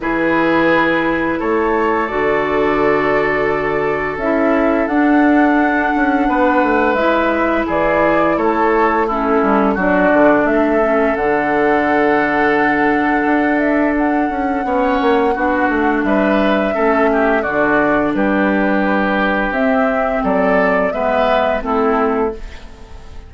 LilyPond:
<<
  \new Staff \with { instrumentName = "flute" } { \time 4/4 \tempo 4 = 86 b'2 cis''4 d''4~ | d''2 e''4 fis''4~ | fis''2 e''4 d''4 | cis''4 a'4 d''4 e''4 |
fis''2.~ fis''8 e''8 | fis''2. e''4~ | e''4 d''4 b'2 | e''4 d''4 e''4 a'4 | }
  \new Staff \with { instrumentName = "oboe" } { \time 4/4 gis'2 a'2~ | a'1~ | a'4 b'2 gis'4 | a'4 e'4 fis'4 a'4~ |
a'1~ | a'4 cis''4 fis'4 b'4 | a'8 g'8 fis'4 g'2~ | g'4 a'4 b'4 e'4 | }
  \new Staff \with { instrumentName = "clarinet" } { \time 4/4 e'2. fis'4~ | fis'2 e'4 d'4~ | d'2 e'2~ | e'4 cis'4 d'4. cis'8 |
d'1~ | d'4 cis'4 d'2 | cis'4 d'2. | c'2 b4 c'4 | }
  \new Staff \with { instrumentName = "bassoon" } { \time 4/4 e2 a4 d4~ | d2 cis'4 d'4~ | d'8 cis'8 b8 a8 gis4 e4 | a4. g8 fis8 d8 a4 |
d2. d'4~ | d'8 cis'8 b8 ais8 b8 a8 g4 | a4 d4 g2 | c'4 fis4 gis4 a4 | }
>>